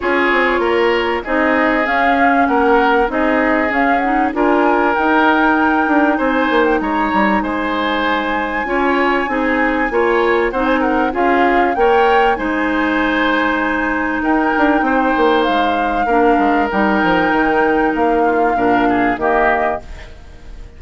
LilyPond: <<
  \new Staff \with { instrumentName = "flute" } { \time 4/4 \tempo 4 = 97 cis''2 dis''4 f''4 | fis''4 dis''4 f''8 fis''8 gis''4 | g''2 gis''8. g''16 ais''4 | gis''1~ |
gis''4 fis''16 gis''16 fis''8 f''4 g''4 | gis''2. g''4~ | g''4 f''2 g''4~ | g''4 f''2 dis''4 | }
  \new Staff \with { instrumentName = "oboe" } { \time 4/4 gis'4 ais'4 gis'2 | ais'4 gis'2 ais'4~ | ais'2 c''4 cis''4 | c''2 cis''4 gis'4 |
cis''4 c''8 ais'8 gis'4 cis''4 | c''2. ais'4 | c''2 ais'2~ | ais'4. f'8 ais'8 gis'8 g'4 | }
  \new Staff \with { instrumentName = "clarinet" } { \time 4/4 f'2 dis'4 cis'4~ | cis'4 dis'4 cis'8 dis'8 f'4 | dis'1~ | dis'2 f'4 dis'4 |
f'4 dis'4 f'4 ais'4 | dis'1~ | dis'2 d'4 dis'4~ | dis'2 d'4 ais4 | }
  \new Staff \with { instrumentName = "bassoon" } { \time 4/4 cis'8 c'8 ais4 c'4 cis'4 | ais4 c'4 cis'4 d'4 | dis'4. d'8 c'8 ais8 gis8 g8 | gis2 cis'4 c'4 |
ais4 c'4 cis'4 ais4 | gis2. dis'8 d'8 | c'8 ais8 gis4 ais8 gis8 g8 f8 | dis4 ais4 ais,4 dis4 | }
>>